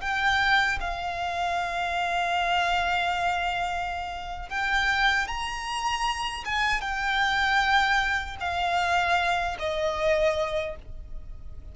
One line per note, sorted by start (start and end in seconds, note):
0.00 0.78 G5
0.80 4.49 F5
4.49 5.27 G5
5.27 6.44 A#5
6.44 6.80 G#5
6.80 8.36 G5
8.40 9.57 F5
9.59 10.76 D#5